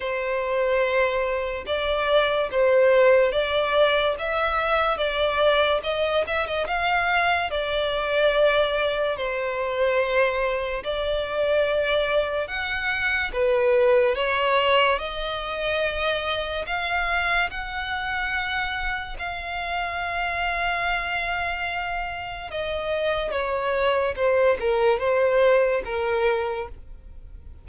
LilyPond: \new Staff \with { instrumentName = "violin" } { \time 4/4 \tempo 4 = 72 c''2 d''4 c''4 | d''4 e''4 d''4 dis''8 e''16 dis''16 | f''4 d''2 c''4~ | c''4 d''2 fis''4 |
b'4 cis''4 dis''2 | f''4 fis''2 f''4~ | f''2. dis''4 | cis''4 c''8 ais'8 c''4 ais'4 | }